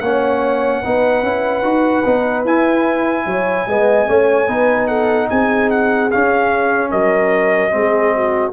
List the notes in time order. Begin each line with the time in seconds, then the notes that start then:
0.00 A#3 C#4 C#5 F#5
0.82 B3 D#4 B4
1.22 C#4 E4
1.63 D#4 F#4
2.05 B3 D#4
2.44 E4 G#5
3.26 F#3 C#5
3.66 G#3 B3 D#5
4.06 A3 C#4 C#5
4.47 B3 D#4 B4
4.87 A4 F#5
5.29 C4 G#4 G#5
5.70 F#5
6.11 C#4 F5
6.90 F#3 A#4 D#5
7.70 G#3 C4 G#4
8.15 F#4